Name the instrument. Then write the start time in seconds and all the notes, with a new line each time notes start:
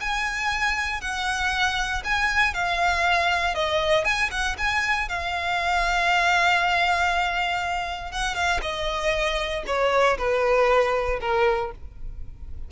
violin
0.00 G#5
1.01 F#5
2.04 G#5
2.54 F5
3.54 D#5
4.04 G#5
4.31 F#5
4.58 G#5
5.08 F5
8.12 F#5
8.35 F5
8.62 D#5
9.66 C#5
10.18 B4
11.20 A#4